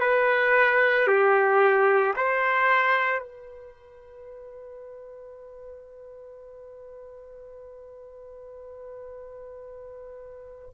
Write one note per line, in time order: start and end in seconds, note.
0.00 1.07 B4
1.07 2.14 G4
2.16 3.19 C5
3.19 10.69 B4